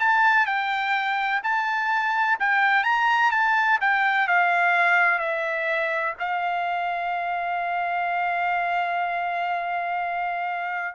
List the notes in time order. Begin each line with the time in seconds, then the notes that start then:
0.00 A5
0.46 G5
1.44 A5
2.40 G5
2.84 A#5
3.32 A5
3.81 G5
4.28 F5
5.19 E5
6.19 F5